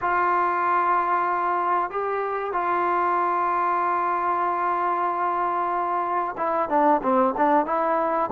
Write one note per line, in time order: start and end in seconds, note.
0.01 1.90 F4
1.90 2.52 G4
2.52 6.35 F4
6.37 6.69 E4
6.69 7.01 D4
7.02 7.34 C4
7.37 7.66 D4
7.66 8.29 E4